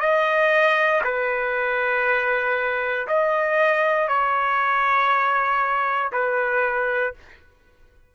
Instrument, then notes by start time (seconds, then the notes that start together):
trumpet
0.00 D#5
1.04 B4
3.07 D#5
4.08 C#5
6.12 B4